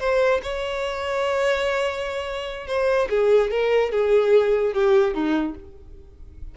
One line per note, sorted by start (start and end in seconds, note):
0.00 0.41 C5
0.43 2.67 C#5
2.67 3.09 C5
3.10 3.51 G#4
3.51 3.92 A#4
3.92 4.74 G#4
4.74 5.14 G4
5.14 5.55 D#4